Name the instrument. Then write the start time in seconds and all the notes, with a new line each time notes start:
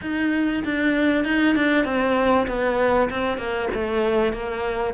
cello
0.01 D#4
0.64 D4
1.24 D#4
1.55 D4
1.84 C4
2.47 B3
3.10 C4
3.37 A#3
3.73 A3
4.32 A#3